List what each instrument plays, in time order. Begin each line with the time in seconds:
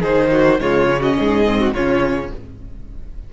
0.00 cello D#3, viola D#4, violin G#4 C5
0.31 violin F#4
0.60 cello C#3, viola G#3, violin F4 C#5
0.90 viola C#4
1.00 violin F#4 D#5
1.19 cello G#2, violin G#4
1.46 viola C4
1.60 violin F#4
1.73 cello C#3, viola C#4, violin F4 C#5